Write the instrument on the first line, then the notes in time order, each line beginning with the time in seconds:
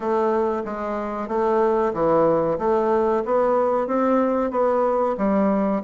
bassoon
0.00 A3
0.65 G#3
1.28 A3
1.93 E3
2.58 A3
3.25 B3
3.87 C4
4.50 B3
5.17 G3